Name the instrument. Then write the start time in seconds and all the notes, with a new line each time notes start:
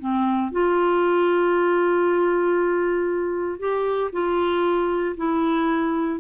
clarinet
0.00 C4
0.52 F4
3.59 G4
4.13 F4
5.17 E4